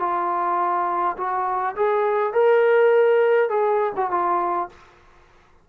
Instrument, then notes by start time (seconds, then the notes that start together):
trombone
0.00 F4
1.17 F#4
1.76 G#4
2.34 A#4
3.49 G#4
3.97 F#4
4.11 F4